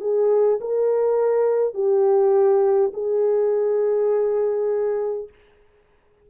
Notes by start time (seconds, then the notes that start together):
0.00 G#4
0.60 A#4
1.74 G4
2.93 G#4